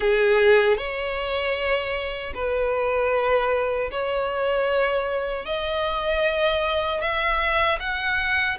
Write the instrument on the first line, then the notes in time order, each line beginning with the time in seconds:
violin
0.00 G#4
0.77 C#5
2.34 B4
3.91 C#5
5.45 D#5
7.01 E5
7.79 F#5